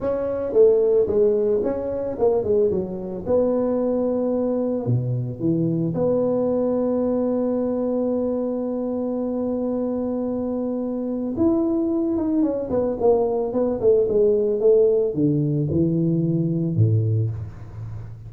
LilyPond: \new Staff \with { instrumentName = "tuba" } { \time 4/4 \tempo 4 = 111 cis'4 a4 gis4 cis'4 | ais8 gis8 fis4 b2~ | b4 b,4 e4 b4~ | b1~ |
b1~ | b4 e'4. dis'8 cis'8 b8 | ais4 b8 a8 gis4 a4 | d4 e2 a,4 | }